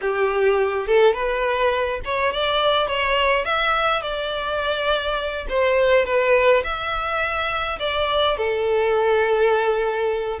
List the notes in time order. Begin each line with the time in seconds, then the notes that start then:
0.01 G4
0.87 A4
1.13 B4
2.05 C#5
2.32 D5
2.87 C#5
3.45 E5
4.01 D5
5.49 C5
6.05 B4
6.63 E5
7.79 D5
8.37 A4